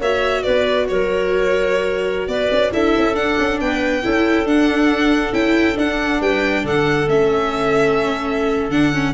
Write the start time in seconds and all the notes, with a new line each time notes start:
0.00 A#3 F#4 C#5 E5
0.43 B3 B4 D5
0.88 F#3 A#4 C#5
2.28 B3 B4 D5
2.51 C#4
2.72 D4 E4 A4 E5
2.97 C#4
3.14 D4 F#5
3.39 C#4
3.60 B3 B4 G5
4.03 C#4 E4 A4
4.44 D4 F#5
5.33 C#4 E4 G5
5.75 D4 F#5
6.20 G3 B4 G5
6.64 D3 A4 F#5
7.07 A3 C#4 E5
8.70 D3 D4 F#5
8.93 C#4